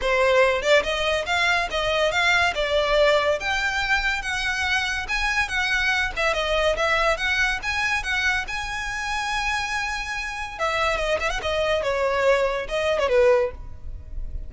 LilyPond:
\new Staff \with { instrumentName = "violin" } { \time 4/4 \tempo 4 = 142 c''4. d''8 dis''4 f''4 | dis''4 f''4 d''2 | g''2 fis''2 | gis''4 fis''4. e''8 dis''4 |
e''4 fis''4 gis''4 fis''4 | gis''1~ | gis''4 e''4 dis''8 e''16 fis''16 dis''4 | cis''2 dis''8. cis''16 b'4 | }